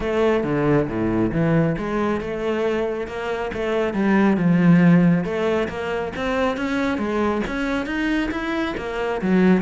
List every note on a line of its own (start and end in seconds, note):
0.00 0.43 A3
0.43 0.87 D3
0.87 1.31 A2
1.32 1.76 E3
1.77 2.20 G#3
2.20 3.07 A3
3.07 3.51 A#3
3.53 3.93 A3
3.93 4.37 G3
4.37 5.24 F3
5.24 5.68 A3
5.68 6.12 A#3
6.16 6.57 C4
6.57 6.98 C#4
6.98 7.41 G#3
7.47 7.86 C#4
7.86 8.30 D#4
8.31 8.75 E4
8.77 9.21 A#3
9.21 9.62 F#3